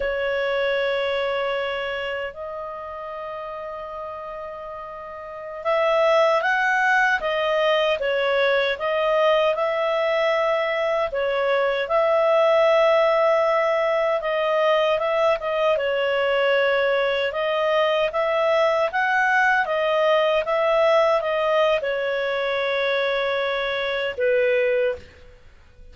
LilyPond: \new Staff \with { instrumentName = "clarinet" } { \time 4/4 \tempo 4 = 77 cis''2. dis''4~ | dis''2.~ dis''16 e''8.~ | e''16 fis''4 dis''4 cis''4 dis''8.~ | dis''16 e''2 cis''4 e''8.~ |
e''2~ e''16 dis''4 e''8 dis''16~ | dis''16 cis''2 dis''4 e''8.~ | e''16 fis''4 dis''4 e''4 dis''8. | cis''2. b'4 | }